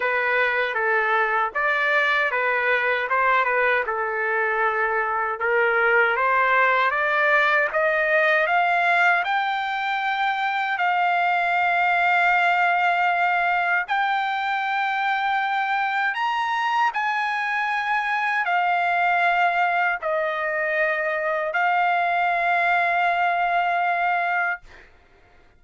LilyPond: \new Staff \with { instrumentName = "trumpet" } { \time 4/4 \tempo 4 = 78 b'4 a'4 d''4 b'4 | c''8 b'8 a'2 ais'4 | c''4 d''4 dis''4 f''4 | g''2 f''2~ |
f''2 g''2~ | g''4 ais''4 gis''2 | f''2 dis''2 | f''1 | }